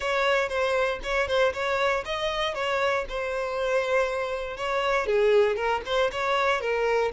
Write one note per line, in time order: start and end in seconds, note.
0.00 0.49 C#5
0.49 0.99 C5
1.03 1.27 C#5
1.27 1.53 C5
1.53 2.03 C#5
2.05 2.54 D#5
2.54 3.05 C#5
3.09 4.56 C5
4.56 5.06 C#5
5.06 5.55 G#4
5.55 5.81 A#4
5.85 6.11 C5
6.11 6.60 C#5
6.60 7.11 A#4